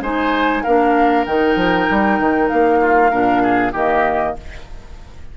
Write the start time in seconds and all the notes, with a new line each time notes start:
0.00 G#3 D#4 C5 G#5
0.63 A#3 D4 A#4 F5
1.25 D#3 D#4 G5
1.55 F3
1.90 G3
2.19 D#3
2.48 A#3 F5
2.80 F4
3.10 A#2 D4 A#4
3.42 G#4
3.72 D#3 A#3 G4 D#5